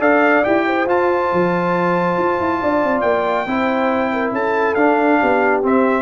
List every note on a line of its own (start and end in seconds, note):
0.00 0.43 D4
0.00 0.43 A4
0.00 0.65 D5
0.00 0.44 F5
0.44 0.86 E4
0.44 0.87 G4
0.44 0.87 G5
0.66 2.61 C5
0.86 1.29 F4
0.86 3.47 F4
0.86 3.01 A5
1.33 2.17 F3
2.17 2.39 F4
2.40 2.61 E4
2.61 2.84 D4
2.61 3.46 D5
2.84 3.03 C4
3.01 3.46 A#3
3.01 4.30 G5
3.46 4.32 C4
3.46 4.77 E4
3.46 4.11 C5
4.13 4.33 A#4
4.32 4.75 C#4
4.32 5.19 A4
4.32 4.74 A5
4.74 5.19 D4
4.74 5.62 D4
4.74 5.61 F5
5.20 5.64 B3
5.20 6.02 G4
5.62 6.02 C4
5.62 6.02 E5